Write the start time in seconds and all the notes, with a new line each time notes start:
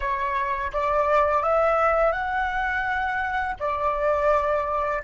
0.00 C#5
0.72 D5
1.42 E5
2.12 F#5
3.59 D5